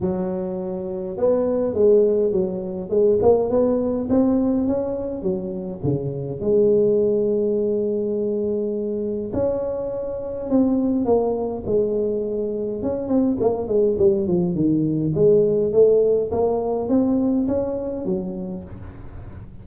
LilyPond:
\new Staff \with { instrumentName = "tuba" } { \time 4/4 \tempo 4 = 103 fis2 b4 gis4 | fis4 gis8 ais8 b4 c'4 | cis'4 fis4 cis4 gis4~ | gis1 |
cis'2 c'4 ais4 | gis2 cis'8 c'8 ais8 gis8 | g8 f8 dis4 gis4 a4 | ais4 c'4 cis'4 fis4 | }